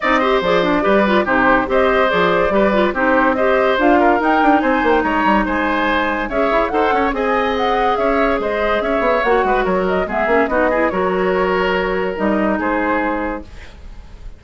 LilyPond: <<
  \new Staff \with { instrumentName = "flute" } { \time 4/4 \tempo 4 = 143 dis''4 d''2 c''4 | dis''4 d''2 c''4 | dis''4 f''4 g''4 gis''8. g''16 | ais''4 gis''2 e''4 |
fis''4 gis''4 fis''4 e''4 | dis''4 e''4 fis''4 cis''8 dis''8 | e''4 dis''4 cis''2~ | cis''4 dis''4 c''2 | }
  \new Staff \with { instrumentName = "oboe" } { \time 4/4 d''8 c''4. b'4 g'4 | c''2 b'4 g'4 | c''4. ais'4. c''4 | cis''4 c''2 cis''4 |
c''8 cis''8 dis''2 cis''4 | c''4 cis''4. b'8 ais'4 | gis'4 fis'8 gis'8 ais'2~ | ais'2 gis'2 | }
  \new Staff \with { instrumentName = "clarinet" } { \time 4/4 dis'8 g'8 gis'8 d'8 g'8 f'8 dis'4 | g'4 gis'4 g'8 f'8 dis'4 | g'4 f'4 dis'2~ | dis'2. gis'4 |
a'4 gis'2.~ | gis'2 fis'2 | b8 cis'8 dis'8 e'8 fis'2~ | fis'4 dis'2. | }
  \new Staff \with { instrumentName = "bassoon" } { \time 4/4 c'4 f4 g4 c4 | c'4 f4 g4 c'4~ | c'4 d'4 dis'8 d'8 c'8 ais8 | gis8 g8 gis2 cis'8 e'8 |
dis'8 cis'8 c'2 cis'4 | gis4 cis'8 b8 ais8 gis8 fis4 | gis8 ais8 b4 fis2~ | fis4 g4 gis2 | }
>>